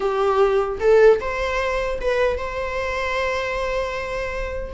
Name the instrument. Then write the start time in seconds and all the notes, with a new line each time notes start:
viola
0.00 G4
0.80 A4
1.20 C5
2.01 B4
2.37 C5